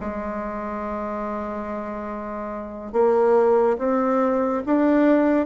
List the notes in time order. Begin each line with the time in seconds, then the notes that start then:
0.00 G#3
2.92 A#3
3.78 C4
4.65 D4